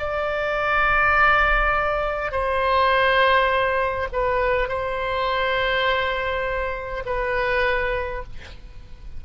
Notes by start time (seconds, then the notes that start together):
0.00 D5
2.32 C5
4.13 B4
4.68 C5
7.06 B4